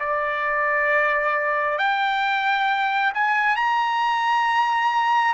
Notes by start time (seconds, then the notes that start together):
0.00 D5
1.79 G5
3.14 G#5
3.57 A#5